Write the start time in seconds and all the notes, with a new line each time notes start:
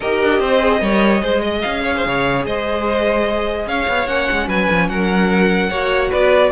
0.00 D#4 G4 A#4 D#5
0.22 D4
0.40 C4 C5
0.59 G#4
0.80 G3 A#4 C#5
1.21 G#3 G#4 C5
1.41 D#5
1.61 C#4 F5
1.84 C#5
1.96 C5
2.06 C#3 C#5
2.45 G#3 C5 D#5
3.66 C#4 C#5 F5
3.87 B3
4.06 A#3 C#4 F#5
4.31 G#3
4.47 F#3 B4 G#5
4.70 F3
4.88 F#3 A#4 F#5
5.69 A#3 F#4 C#5
6.09 B3 B4 D5